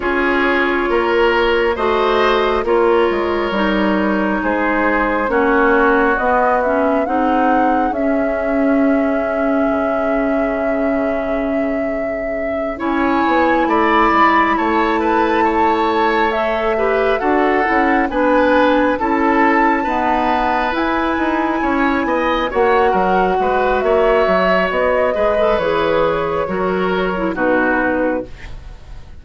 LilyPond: <<
  \new Staff \with { instrumentName = "flute" } { \time 4/4 \tempo 4 = 68 cis''2 dis''4 cis''4~ | cis''4 c''4 cis''4 dis''8 e''8 | fis''4 e''2.~ | e''2~ e''8 gis''4 b''8~ |
b''8 a''2 e''4 fis''8~ | fis''8 gis''4 a''2 gis''8~ | gis''4. fis''4. e''4 | dis''4 cis''2 b'4 | }
  \new Staff \with { instrumentName = "oboe" } { \time 4/4 gis'4 ais'4 c''4 ais'4~ | ais'4 gis'4 fis'2 | gis'1~ | gis'2~ gis'8 cis''4 d''8~ |
d''8 cis''8 b'8 cis''4. b'8 a'8~ | a'8 b'4 a'4 b'4.~ | b'8 cis''8 dis''8 cis''8 ais'8 b'8 cis''4~ | cis''8 b'4. ais'4 fis'4 | }
  \new Staff \with { instrumentName = "clarinet" } { \time 4/4 f'2 fis'4 f'4 | dis'2 cis'4 b8 cis'8 | dis'4 cis'2.~ | cis'2~ cis'8 e'4.~ |
e'2~ e'8 a'8 g'8 fis'8 | e'8 d'4 e'4 b4 e'8~ | e'4. fis'2~ fis'8~ | fis'8 gis'16 a'16 gis'4 fis'8. e'16 dis'4 | }
  \new Staff \with { instrumentName = "bassoon" } { \time 4/4 cis'4 ais4 a4 ais8 gis8 | g4 gis4 ais4 b4 | c'4 cis'2 cis4~ | cis2~ cis8 cis'8 b8 a8 |
gis8 a2. d'8 | cis'8 b4 cis'4 dis'4 e'8 | dis'8 cis'8 b8 ais8 fis8 gis8 ais8 fis8 | b8 gis8 e4 fis4 b,4 | }
>>